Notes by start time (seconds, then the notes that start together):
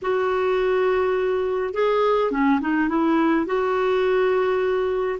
0.02 F#4
1.73 G#4
2.31 C#4
2.60 D#4
2.88 E4
3.46 F#4